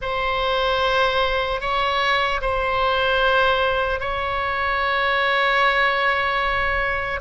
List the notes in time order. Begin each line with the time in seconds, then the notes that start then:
0.01 C5
1.60 C#5
2.41 C5
4.00 C#5